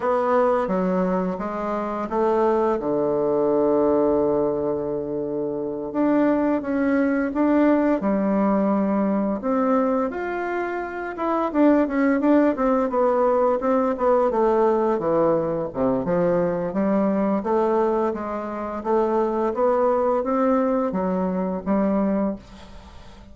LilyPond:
\new Staff \with { instrumentName = "bassoon" } { \time 4/4 \tempo 4 = 86 b4 fis4 gis4 a4 | d1~ | d8 d'4 cis'4 d'4 g8~ | g4. c'4 f'4. |
e'8 d'8 cis'8 d'8 c'8 b4 c'8 | b8 a4 e4 c8 f4 | g4 a4 gis4 a4 | b4 c'4 fis4 g4 | }